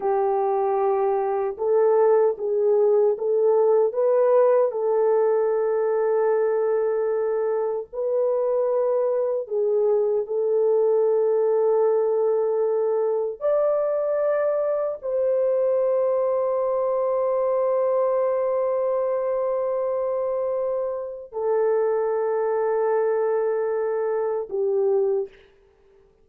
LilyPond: \new Staff \with { instrumentName = "horn" } { \time 4/4 \tempo 4 = 76 g'2 a'4 gis'4 | a'4 b'4 a'2~ | a'2 b'2 | gis'4 a'2.~ |
a'4 d''2 c''4~ | c''1~ | c''2. a'4~ | a'2. g'4 | }